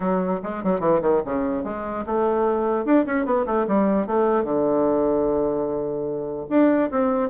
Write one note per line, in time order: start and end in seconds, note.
0.00 0.40 F#3
0.43 0.63 G#3
0.63 0.80 F#3
0.80 1.00 E3
1.01 1.21 D#3
1.25 1.64 C#3
1.64 2.04 G#3
2.06 2.85 A3
2.85 3.05 D4
3.06 3.25 C#4
3.25 3.45 B3
3.46 3.66 A3
3.67 4.06 G3
4.06 4.44 A3
4.44 6.46 D3
6.49 6.90 D4
6.90 7.29 C4